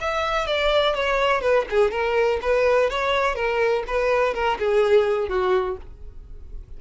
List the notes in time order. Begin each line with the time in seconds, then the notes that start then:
0.00 E5
0.46 D5
0.94 C#5
1.41 B4
1.70 G#4
1.91 A#4
2.41 B4
2.90 C#5
3.35 A#4
3.87 B4
4.34 A#4
4.59 G#4
5.28 F#4